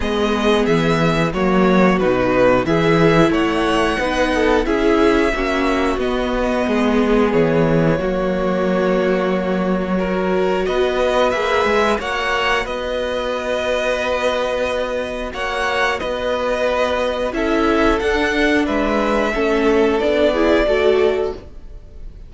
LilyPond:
<<
  \new Staff \with { instrumentName = "violin" } { \time 4/4 \tempo 4 = 90 dis''4 e''4 cis''4 b'4 | e''4 fis''2 e''4~ | e''4 dis''2 cis''4~ | cis''1 |
dis''4 e''4 fis''4 dis''4~ | dis''2. fis''4 | dis''2 e''4 fis''4 | e''2 d''2 | }
  \new Staff \with { instrumentName = "violin" } { \time 4/4 gis'2 fis'2 | gis'4 cis''4 b'8 a'8 gis'4 | fis'2 gis'2 | fis'2. ais'4 |
b'2 cis''4 b'4~ | b'2. cis''4 | b'2 a'2 | b'4 a'4. gis'8 a'4 | }
  \new Staff \with { instrumentName = "viola" } { \time 4/4 b2 ais4 dis'4 | e'2 dis'4 e'4 | cis'4 b2. | ais2. fis'4~ |
fis'4 gis'4 fis'2~ | fis'1~ | fis'2 e'4 d'4~ | d'4 cis'4 d'8 e'8 fis'4 | }
  \new Staff \with { instrumentName = "cello" } { \time 4/4 gis4 e4 fis4 b,4 | e4 a4 b4 cis'4 | ais4 b4 gis4 e4 | fis1 |
b4 ais8 gis8 ais4 b4~ | b2. ais4 | b2 cis'4 d'4 | gis4 a4 b4 a4 | }
>>